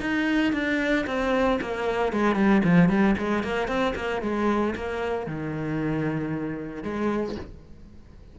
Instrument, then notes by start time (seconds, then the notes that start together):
cello
0.00 D#4
0.53 D4
1.07 C4
1.61 A#3
2.13 G#3
2.35 G3
2.64 F3
2.89 G3
3.18 G#3
3.43 A#3
3.68 C4
3.95 A#3
4.22 G#3
4.75 A#3
5.27 D#3
6.83 G#3